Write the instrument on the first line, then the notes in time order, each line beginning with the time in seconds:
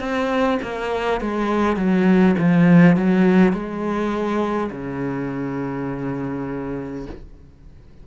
cello
0.00 C4
0.63 A#3
1.21 G#3
1.76 F#3
2.39 F3
2.97 F#3
3.53 G#3
4.72 C#3